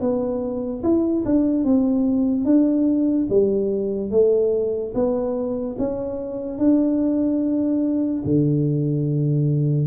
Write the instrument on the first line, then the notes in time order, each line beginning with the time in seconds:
tuba
0.00 B3
0.83 E4
1.25 D4
1.64 C4
2.45 D4
3.30 G3
4.11 A3
4.94 B3
5.78 C#4
6.58 D4
8.25 D3